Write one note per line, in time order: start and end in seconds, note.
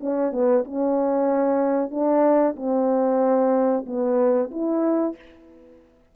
0.00 0.32 C#4
0.32 0.64 B3
0.64 1.91 C#4
1.91 2.55 D4
2.56 3.85 C4
3.86 4.51 B3
4.51 5.16 E4